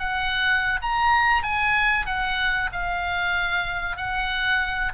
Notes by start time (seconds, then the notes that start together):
0.00 F#5
0.82 A#5
1.43 G#5
2.07 F#5
2.72 F5
3.97 F#5